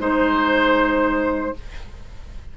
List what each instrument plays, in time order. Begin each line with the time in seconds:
0.00 bassoon G#3, clarinet D#4, oboe C5, flute C5